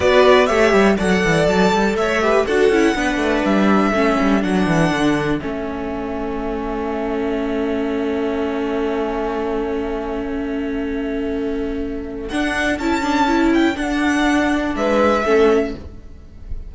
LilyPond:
<<
  \new Staff \with { instrumentName = "violin" } { \time 4/4 \tempo 4 = 122 d''4 e''4 fis''4 a''4 | e''4 fis''2 e''4~ | e''4 fis''2 e''4~ | e''1~ |
e''1~ | e''1~ | e''4 fis''4 a''4. g''8 | fis''2 e''2 | }
  \new Staff \with { instrumentName = "violin" } { \time 4/4 b'4 cis''4 d''2 | cis''8 b'8 a'4 b'2 | a'1~ | a'1~ |
a'1~ | a'1~ | a'1~ | a'2 b'4 a'4 | }
  \new Staff \with { instrumentName = "viola" } { \time 4/4 fis'4 g'4 a'2~ | a'8 g'8 fis'8 e'8 d'2 | cis'4 d'2 cis'4~ | cis'1~ |
cis'1~ | cis'1~ | cis'4 d'4 e'8 d'8 e'4 | d'2. cis'4 | }
  \new Staff \with { instrumentName = "cello" } { \time 4/4 b4 a8 g8 fis8 e8 fis8 g8 | a4 d'8 cis'8 b8 a8 g4 | a8 g8 fis8 e8 d4 a4~ | a1~ |
a1~ | a1~ | a4 d'4 cis'2 | d'2 gis4 a4 | }
>>